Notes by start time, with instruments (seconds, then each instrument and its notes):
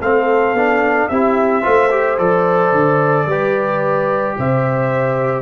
0.00 tuba A3, trombone C4, horn A4, trumpet F5
0.53 tuba B3, trombone D4
1.08 tuba C4, trombone E4, horn G4, trumpet E5
1.63 tuba A3, trombone F4, horn C5
1.91 trombone G4
2.18 tuba F3, trombone A4, trumpet D5
2.72 tuba D3
3.27 tuba G3, trombone G4, horn B4
4.38 tuba C3, horn C5, trumpet E5